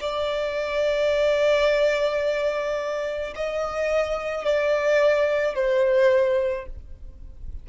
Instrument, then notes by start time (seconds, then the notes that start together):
violin
0.00 D5
3.35 D#5
4.44 D5
5.55 C5